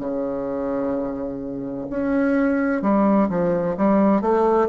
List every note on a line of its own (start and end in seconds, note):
0.00 1.87 C#3
1.90 2.82 C#4
2.82 3.29 G3
3.29 3.76 F3
3.78 4.22 G3
4.22 4.69 A3